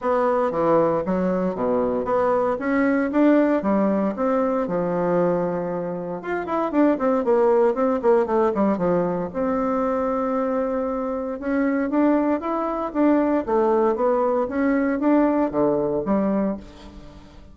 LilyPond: \new Staff \with { instrumentName = "bassoon" } { \time 4/4 \tempo 4 = 116 b4 e4 fis4 b,4 | b4 cis'4 d'4 g4 | c'4 f2. | f'8 e'8 d'8 c'8 ais4 c'8 ais8 |
a8 g8 f4 c'2~ | c'2 cis'4 d'4 | e'4 d'4 a4 b4 | cis'4 d'4 d4 g4 | }